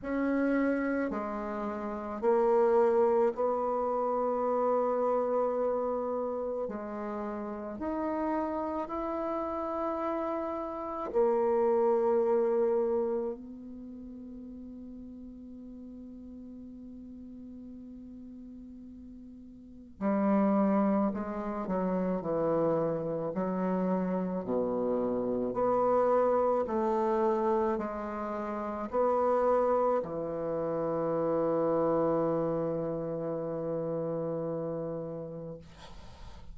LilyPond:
\new Staff \with { instrumentName = "bassoon" } { \time 4/4 \tempo 4 = 54 cis'4 gis4 ais4 b4~ | b2 gis4 dis'4 | e'2 ais2 | b1~ |
b2 g4 gis8 fis8 | e4 fis4 b,4 b4 | a4 gis4 b4 e4~ | e1 | }